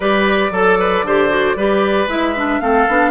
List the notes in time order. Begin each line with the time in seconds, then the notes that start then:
0.00 G3 G4 B4 D5
0.50 F#3 A4
0.79 B4
1.02 D3 G4 C5
1.29 F#4
1.56 G3 G4 B4
2.07 G#3 E4 E5
2.35 D4
2.60 A3 C4 A4 F5
2.87 B3 D4